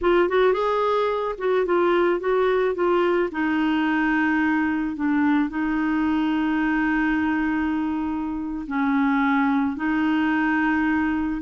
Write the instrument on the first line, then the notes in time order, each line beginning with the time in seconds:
clarinet
0.01 F4
0.29 F#4
0.53 G#4
1.38 F#4
1.65 F4
2.19 F#4
2.74 F4
3.31 D#4
4.96 D4
5.49 D#4
8.67 C#4
9.76 D#4